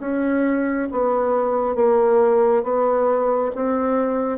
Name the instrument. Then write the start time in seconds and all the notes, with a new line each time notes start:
bassoon
0.00 C#4
0.91 B3
1.75 A#3
2.63 B3
3.55 C4